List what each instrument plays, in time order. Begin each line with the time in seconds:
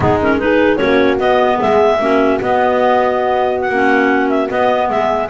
0.00 double bass G#3, clarinet B3 G#4, horn D#4
0.21 clarinet C#4 A#4
0.39 clarinet D#4 B4, horn G#4
0.76 double bass A#3, clarinet C#4 C#5, horn F#4
1.19 clarinet B3 D#5, double bass B3
1.59 double bass G#3, horn G#4, clarinet E5
1.99 double bass A#3, clarinet C#4, horn F#4
2.41 double bass B3, clarinet B3 D#5
3.60 clarinet F#5
3.69 double bass A#3, clarinet C#4
4.29 clarinet E5
4.47 clarinet B3 D#5, double bass B3
4.89 double bass G#3, horn G#4, clarinet E5